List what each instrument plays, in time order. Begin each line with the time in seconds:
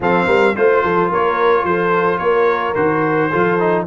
0.00 tuba F3, trombone C4, horn A4, trumpet F5
0.26 tuba G3, horn A#4
0.55 tuba A3, trombone F4, trumpet C5, horn C5
0.83 tuba F3, horn A4
1.09 tuba A#3, horn A#4, trumpet C#5
1.63 tuba F3, horn A4, trumpet C5
2.18 tuba A#3, horn A#4, trumpet C#5
2.74 tuba D#3, trombone F#4, trumpet C5
3.29 tuba F3, trombone F4, horn A4
3.59 trombone D#4